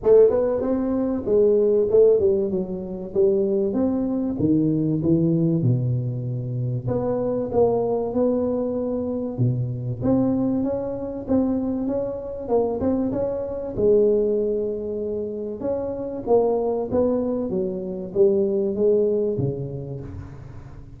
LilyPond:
\new Staff \with { instrumentName = "tuba" } { \time 4/4 \tempo 4 = 96 a8 b8 c'4 gis4 a8 g8 | fis4 g4 c'4 dis4 | e4 b,2 b4 | ais4 b2 b,4 |
c'4 cis'4 c'4 cis'4 | ais8 c'8 cis'4 gis2~ | gis4 cis'4 ais4 b4 | fis4 g4 gis4 cis4 | }